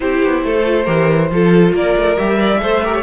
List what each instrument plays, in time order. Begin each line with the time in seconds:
0.00 cello C4, viola E4, violin G4 C5
0.23 cello B3
0.43 cello A3, violin A4
0.63 viola F4
0.85 cello E3, viola G4, violin A#4
1.30 cello F3, viola F4, violin A4
1.73 cello A#3, violin A#4 D5
1.96 cello A3
2.17 cello G3, viola G4, violin E5
2.36 viola A#4, violin D5
2.59 cello A3, viola A4, violin C5
2.84 viola G4, violin A#4
2.94 violin C#5